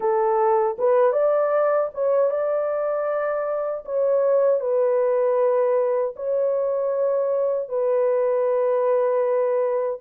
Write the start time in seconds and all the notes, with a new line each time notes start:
0.00 A4
0.78 B4
1.12 D5
1.93 C#5
2.30 D5
3.85 C#5
4.60 B4
6.15 C#5
7.69 B4